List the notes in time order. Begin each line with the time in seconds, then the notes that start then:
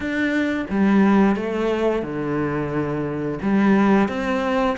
0.00 D4
0.70 G3
1.36 A3
2.02 D3
3.42 G3
4.08 C4